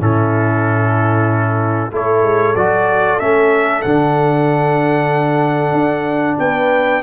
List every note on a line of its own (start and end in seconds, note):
0.00 1.92 A2
0.00 1.91 C#4
0.00 1.92 E4
0.00 1.93 A4
1.92 2.22 A3
1.92 2.56 E4
1.92 6.39 A4
1.92 2.56 C#5
2.22 2.54 G#3
2.55 3.19 F#3
2.55 3.20 F#4
2.55 3.20 D5
3.20 3.84 A3
3.20 3.84 C#4
3.20 3.82 E5
3.82 5.72 D3
3.82 7.03 D4
3.82 6.37 F#5
5.72 6.36 D4
6.39 7.03 B3
6.39 7.03 B4
6.39 7.03 G5